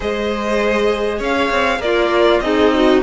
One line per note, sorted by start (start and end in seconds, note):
0.00 1.20 G#3
0.00 1.80 G#4
0.00 1.18 C5
0.00 1.22 D#5
1.18 1.50 C#4
1.18 1.78 C#5
1.18 1.81 F5
1.51 1.79 C4
1.79 2.40 A#3
1.79 2.44 F4
1.79 2.40 A#4
1.79 2.40 D5
2.40 3.01 C4
2.40 3.02 D#4
2.40 2.73 G#4
2.40 3.01 D#5
2.74 3.02 F#4